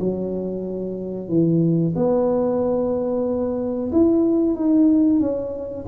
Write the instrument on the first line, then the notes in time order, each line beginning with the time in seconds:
tuba
0.00 F#3
1.29 E3
1.96 B3
3.92 E4
4.56 D#4
5.20 C#4